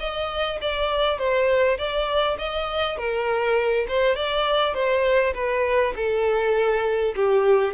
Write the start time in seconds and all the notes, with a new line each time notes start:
0.00 D#5
0.62 D5
1.19 C5
1.78 D5
2.38 D#5
2.98 A#4
3.88 C5
4.16 D5
4.74 C5
5.35 B4
5.96 A4
7.16 G4